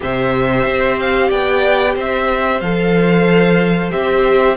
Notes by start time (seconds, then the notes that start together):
0.00 C3 G4 C5 E5
0.65 C4
1.00 F5
1.28 B3 D5 G5
1.95 C4 C5 E5
2.60 F3 A4 F5
3.90 C4 G4 E5